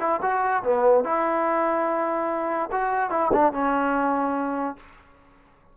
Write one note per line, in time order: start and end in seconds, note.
0.00 0.21 E4
0.22 0.63 F#4
0.64 1.05 B3
1.05 2.70 E4
2.72 3.11 F#4
3.11 3.31 E4
3.33 3.53 D4
3.53 4.77 C#4